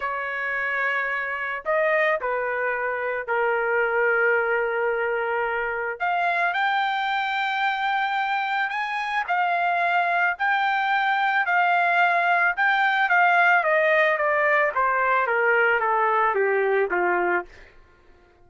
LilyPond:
\new Staff \with { instrumentName = "trumpet" } { \time 4/4 \tempo 4 = 110 cis''2. dis''4 | b'2 ais'2~ | ais'2. f''4 | g''1 |
gis''4 f''2 g''4~ | g''4 f''2 g''4 | f''4 dis''4 d''4 c''4 | ais'4 a'4 g'4 f'4 | }